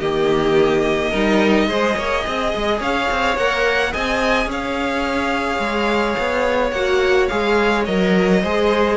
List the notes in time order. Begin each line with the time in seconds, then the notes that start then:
0.00 D#3 A#3 G4 D#5
1.10 G3 D#4 A#4
1.67 G#3 G#4 C5
1.96 A#3 C#5
2.27 C4 D#5
2.55 G#3
2.80 C#4 C#5 F5
3.11 C4
3.37 A#3 A#4 F#5
3.92 C4 G#4 D#5 G#5
4.46 C#4 C#5 F5
5.59 G#3
6.19 B3
6.71 A#3 F#4 F#5
7.28 G#3 G#4 F5
7.86 F#3 A#4 D#5
8.42 G#3 G#4 C5